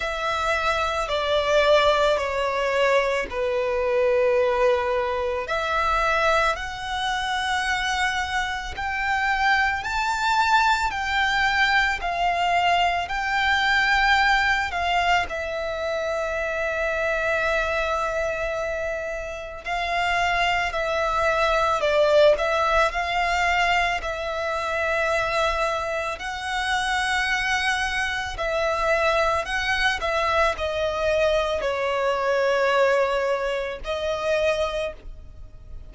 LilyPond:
\new Staff \with { instrumentName = "violin" } { \time 4/4 \tempo 4 = 55 e''4 d''4 cis''4 b'4~ | b'4 e''4 fis''2 | g''4 a''4 g''4 f''4 | g''4. f''8 e''2~ |
e''2 f''4 e''4 | d''8 e''8 f''4 e''2 | fis''2 e''4 fis''8 e''8 | dis''4 cis''2 dis''4 | }